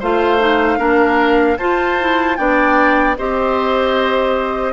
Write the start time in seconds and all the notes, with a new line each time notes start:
0.00 A3 F4 C5 F5
0.39 D#4
0.78 A#3 D4 A#4
1.58 F4 C5 A5
2.00 E4
2.37 B3 D4 D5 G5
3.18 C4 G4 C5 D#5